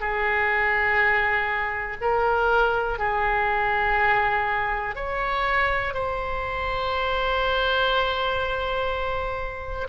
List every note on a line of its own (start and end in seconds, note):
0.00 1.97 G#4
2.01 2.99 A#4
2.99 4.95 G#4
4.95 5.94 C#5
5.94 9.87 C5